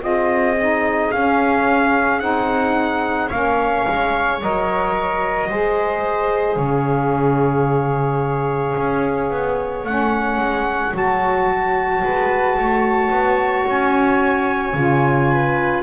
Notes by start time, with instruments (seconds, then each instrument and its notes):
0.00 double bass C4, saxophone F4, viola G#4, trumpet D#5
0.59 saxophone D#4
1.11 double bass C#4, saxophone C#4, trumpet F5
2.19 double bass C4, saxophone D#4, trumpet F#5
3.28 double bass A#3, saxophone C#4, viola C#5, trumpet F5
3.88 double bass G#3
4.41 double bass F#3, saxophone A#4, trumpet D#5
5.48 double bass G#3, saxophone G#4, viola C5
6.56 double bass C#3, viola C#5, trumpet F5
8.77 double bass C#4
9.30 double bass B3
9.84 double bass A3, saxophone C#4, trumpet F#5
10.37 double bass G#3
10.92 double bass F#3, saxophone F#4, trumpet A5
12.04 double bass G#3, viola B4
12.58 double bass A3, viola C#5
13.10 double bass B3
13.66 double bass C#4, trumpet G#5
14.73 double bass C#3, saxophone F4
15.31 viola B4